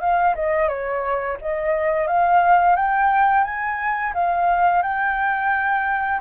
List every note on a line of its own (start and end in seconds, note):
0.00 0.34 F5
0.35 0.68 D#5
0.68 1.37 C#5
1.41 2.07 D#5
2.07 2.76 F5
2.76 3.44 G5
3.44 4.13 G#5
4.14 4.82 F5
4.82 6.20 G5